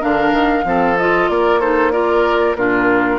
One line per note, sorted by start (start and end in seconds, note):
0.00 0.32 D3
0.00 0.64 D4
0.00 0.64 A#4
0.00 0.97 F5
0.32 0.64 D#3
0.64 1.28 F3
0.64 0.96 C4
0.64 1.31 A4
0.97 1.61 F4
0.97 1.29 D#5
1.29 2.55 A#3
1.29 1.60 A#4
1.29 1.60 D5
1.60 1.92 D#4
1.60 1.92 A4
1.60 1.91 C5
1.91 2.56 F4
1.91 2.57 A#4
1.91 2.55 D5
2.55 3.19 A#2
2.55 3.19 D4
2.55 3.19 F4
2.55 3.19 A#4